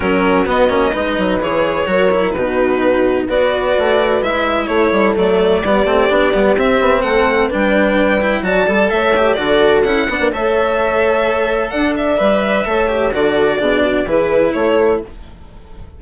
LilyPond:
<<
  \new Staff \with { instrumentName = "violin" } { \time 4/4 \tempo 4 = 128 ais'4 dis''2 cis''4~ | cis''4 b'2 d''4~ | d''4 e''4 cis''4 d''4~ | d''2 e''4 fis''4 |
g''2 a''4 e''4 | d''4 fis''4 e''2~ | e''4 fis''8 e''2~ e''8 | d''2 b'4 cis''4 | }
  \new Staff \with { instrumentName = "horn" } { \time 4/4 fis'2 b'2 | ais'4 fis'2 b'4~ | b'2 a'2 | g'2. a'4 |
b'2 d''4 cis''4 | a'4. b'8 cis''2~ | cis''4 d''2 cis''4 | a'4 gis'8 fis'8 gis'4 a'4 | }
  \new Staff \with { instrumentName = "cello" } { \time 4/4 cis'4 b8 cis'8 dis'4 gis'4 | fis'8 e'8 dis'2 fis'4~ | fis'4 e'2 a4 | b8 c'8 d'8 b8 c'2 |
d'4. e'8 fis'8 a'4 g'8 | fis'4 e'8 d'8 a'2~ | a'2 b'4 a'8 g'8 | fis'4 d'4 e'2 | }
  \new Staff \with { instrumentName = "bassoon" } { \time 4/4 fis4 b8 ais8 gis8 fis8 e4 | fis4 b,2 b4 | a4 gis4 a8 g8 fis4 | g8 a8 b8 g8 c'8 b8 a4 |
g2 fis8 g8 a4 | d4 cis'8 b16 ais16 a2~ | a4 d'4 g4 a4 | d4 b,4 e4 a4 | }
>>